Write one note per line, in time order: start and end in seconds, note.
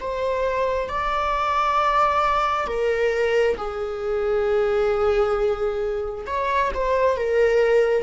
0.00 0.89 C5
0.89 2.67 D5
2.67 3.57 A#4
3.57 6.25 G#4
6.26 6.71 C#5
6.74 7.16 C5
7.16 8.03 A#4